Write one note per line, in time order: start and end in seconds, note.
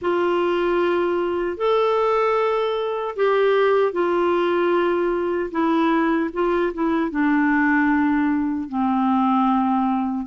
0.01 1.57 F4
1.57 3.15 A4
3.15 3.92 G4
3.92 5.50 F4
5.50 6.29 E4
6.33 6.72 F4
6.73 7.11 E4
7.11 8.68 D4
8.68 10.26 C4